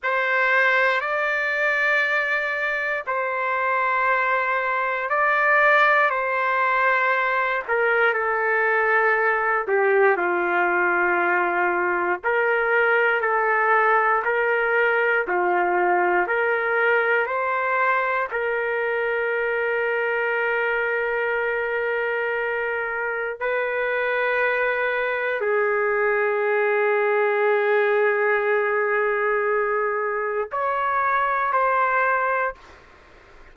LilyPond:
\new Staff \with { instrumentName = "trumpet" } { \time 4/4 \tempo 4 = 59 c''4 d''2 c''4~ | c''4 d''4 c''4. ais'8 | a'4. g'8 f'2 | ais'4 a'4 ais'4 f'4 |
ais'4 c''4 ais'2~ | ais'2. b'4~ | b'4 gis'2.~ | gis'2 cis''4 c''4 | }